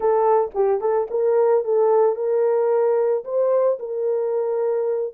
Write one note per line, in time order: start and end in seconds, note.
0.00 0.50 A4
0.54 0.80 G4
0.80 1.07 A4
1.10 1.64 A#4
1.64 2.15 A4
2.15 3.23 A#4
3.24 3.78 C5
3.79 5.14 A#4